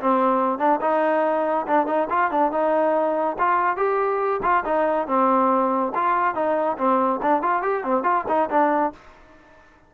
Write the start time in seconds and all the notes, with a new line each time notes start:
0.00 C4
0.58 D4
0.81 D#4
1.67 D4
1.86 D#4
2.09 F4
2.31 D4
2.51 D#4
3.38 F4
3.76 G4
4.42 F4
4.65 D#4
5.07 C4
5.95 F4
6.34 D#4
6.78 C4
7.22 D4
7.42 F4
7.62 G4
7.84 C4
8.03 F4
8.28 D#4
8.50 D4